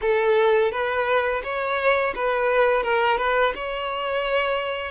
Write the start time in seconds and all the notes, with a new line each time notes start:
0.01 A4
0.71 B4
1.43 C#5
2.15 B4
2.83 A#4
3.17 B4
3.55 C#5